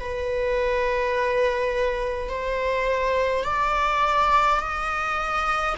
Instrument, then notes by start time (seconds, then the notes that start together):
viola
0.00 B4
2.29 C5
3.45 D5
4.60 D#5